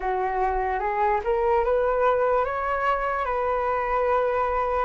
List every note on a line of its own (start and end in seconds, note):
0.00 0.79 F#4
0.79 1.20 G#4
1.23 1.64 A#4
1.64 2.45 B4
2.45 3.25 C#5
3.25 4.85 B4